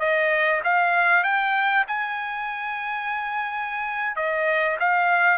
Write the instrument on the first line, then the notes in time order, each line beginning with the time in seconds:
trumpet
0.00 D#5
0.65 F5
1.24 G5
1.88 G#5
4.16 D#5
4.80 F5